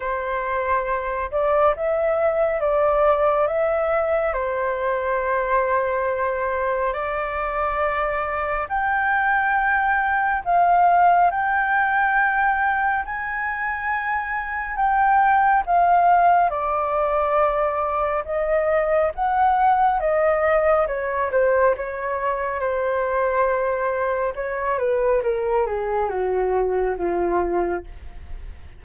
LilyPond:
\new Staff \with { instrumentName = "flute" } { \time 4/4 \tempo 4 = 69 c''4. d''8 e''4 d''4 | e''4 c''2. | d''2 g''2 | f''4 g''2 gis''4~ |
gis''4 g''4 f''4 d''4~ | d''4 dis''4 fis''4 dis''4 | cis''8 c''8 cis''4 c''2 | cis''8 b'8 ais'8 gis'8 fis'4 f'4 | }